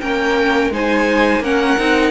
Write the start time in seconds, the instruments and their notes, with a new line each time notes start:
0.00 cello A#3, viola C#4, violin A#4 G5
0.70 cello G#3, viola D#4, violin C5 G#5
1.40 cello A#3, viola C#4, violin A#4 F#5
1.78 cello C4, viola D#4